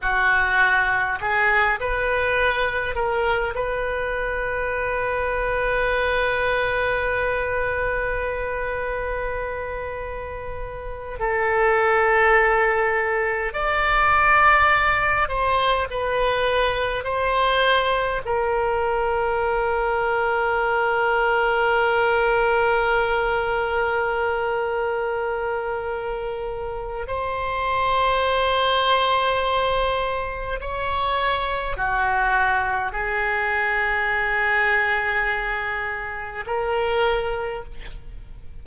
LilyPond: \new Staff \with { instrumentName = "oboe" } { \time 4/4 \tempo 4 = 51 fis'4 gis'8 b'4 ais'8 b'4~ | b'1~ | b'4. a'2 d''8~ | d''4 c''8 b'4 c''4 ais'8~ |
ais'1~ | ais'2. c''4~ | c''2 cis''4 fis'4 | gis'2. ais'4 | }